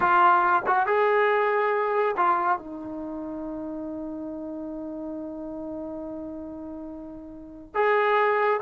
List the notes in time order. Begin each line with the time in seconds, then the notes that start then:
0.00 F4
0.66 F#4
0.86 G#4
2.16 F4
2.58 D#4
7.74 G#4